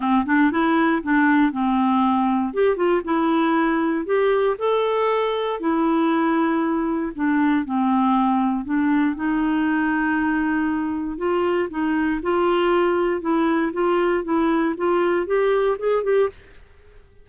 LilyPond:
\new Staff \with { instrumentName = "clarinet" } { \time 4/4 \tempo 4 = 118 c'8 d'8 e'4 d'4 c'4~ | c'4 g'8 f'8 e'2 | g'4 a'2 e'4~ | e'2 d'4 c'4~ |
c'4 d'4 dis'2~ | dis'2 f'4 dis'4 | f'2 e'4 f'4 | e'4 f'4 g'4 gis'8 g'8 | }